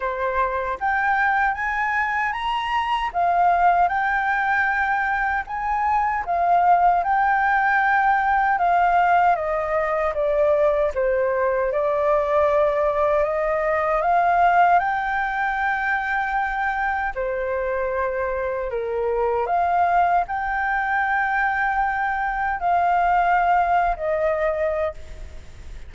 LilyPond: \new Staff \with { instrumentName = "flute" } { \time 4/4 \tempo 4 = 77 c''4 g''4 gis''4 ais''4 | f''4 g''2 gis''4 | f''4 g''2 f''4 | dis''4 d''4 c''4 d''4~ |
d''4 dis''4 f''4 g''4~ | g''2 c''2 | ais'4 f''4 g''2~ | g''4 f''4.~ f''16 dis''4~ dis''16 | }